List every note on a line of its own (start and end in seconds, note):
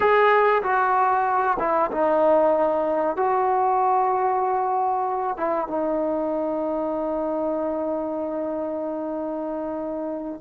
0.00 0.62 G#4
0.63 1.57 F#4
1.59 1.91 E4
1.91 3.16 D#4
3.16 5.37 F#4
5.37 5.67 E4
5.67 10.41 D#4